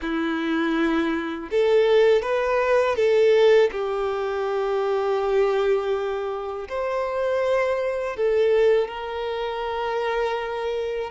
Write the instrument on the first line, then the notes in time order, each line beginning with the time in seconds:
violin
0.01 E4
1.51 A4
2.22 B4
2.95 A4
3.71 G4
6.69 C5
8.16 A4
8.88 A#4